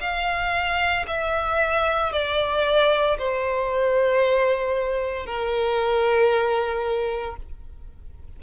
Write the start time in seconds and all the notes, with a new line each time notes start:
0.00 F5
1.07 E5
2.12 D5
3.18 C5
5.26 A#4